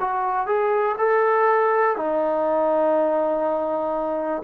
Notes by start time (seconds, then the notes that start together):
0.00 F#4
0.46 G#4
0.98 A4
1.96 D#4